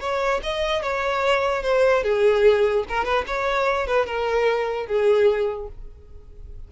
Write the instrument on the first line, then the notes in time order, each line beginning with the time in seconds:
violin
0.00 C#5
0.43 D#5
0.82 C#5
1.63 C5
2.04 G#4
2.89 A#4
3.04 B4
3.27 C#5
3.87 B4
4.06 A#4
4.87 G#4